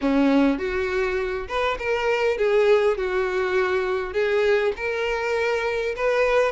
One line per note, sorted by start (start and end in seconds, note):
0.01 0.58 C#4
0.58 1.47 F#4
1.47 1.77 B4
1.78 2.37 A#4
2.37 2.97 G#4
2.97 4.13 F#4
4.13 4.72 G#4
4.76 5.95 A#4
5.96 6.52 B4